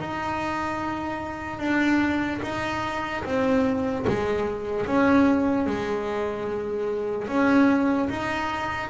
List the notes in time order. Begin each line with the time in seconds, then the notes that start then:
0.00 D#4
1.60 D4
2.43 D#4
3.25 C4
4.08 G#3
4.86 C#4
5.67 G#3
7.28 C#4
8.09 D#4